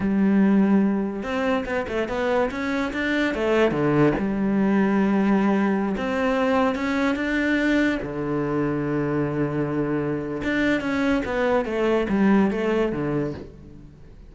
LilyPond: \new Staff \with { instrumentName = "cello" } { \time 4/4 \tempo 4 = 144 g2. c'4 | b8 a8 b4 cis'4 d'4 | a4 d4 g2~ | g2~ g16 c'4.~ c'16~ |
c'16 cis'4 d'2 d8.~ | d1~ | d4 d'4 cis'4 b4 | a4 g4 a4 d4 | }